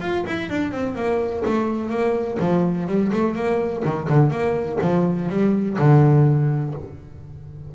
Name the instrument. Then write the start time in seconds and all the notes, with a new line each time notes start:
double bass
0.00 F4
0.26 E4
0.49 D4
0.71 C4
0.95 A#3
1.45 A3
1.89 A#3
2.39 F3
2.87 G3
3.12 A3
3.35 A#3
3.84 D#3
4.09 D3
4.30 A#3
4.81 F3
5.29 G3
5.78 D3